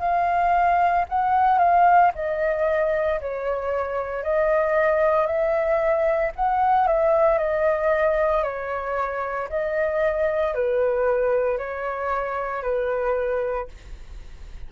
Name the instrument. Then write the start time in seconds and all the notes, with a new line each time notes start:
flute
0.00 F5
1.10 F#5
1.59 F5
2.15 D#5
3.21 C#5
4.24 D#5
5.27 E5
6.36 F#5
6.88 E5
7.39 D#5
8.44 C#5
9.50 D#5
10.55 B4
11.58 C#5
12.63 B4